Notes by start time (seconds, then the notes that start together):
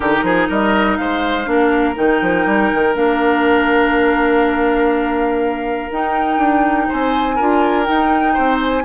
0.00 D#3 D#4 G4 A#4
0.22 F3 G#4
0.48 G3 A#4 D#5
0.96 G#3 C5 F5
1.45 A#3 D4
1.51 A#4
1.95 D#3 D#4 G5
2.21 F3
2.46 G3
2.74 D#3
2.93 A#3 D4 F5
5.91 D#4 G5
6.37 D4
6.88 C4 C5 G#5
7.35 D4 F4 A#4
7.84 D#4 G5
8.33 C4 C5
8.61 G#5